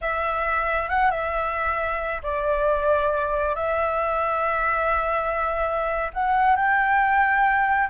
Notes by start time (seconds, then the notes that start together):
0.01 E5
0.89 F#5
1.10 E5
2.22 D5
3.55 E5
6.13 F#5
6.56 G5